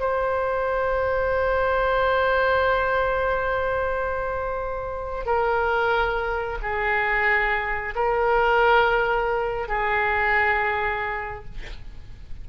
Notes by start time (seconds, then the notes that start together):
0.00 C5
5.26 A#4
6.63 G#4
7.95 A#4
9.69 G#4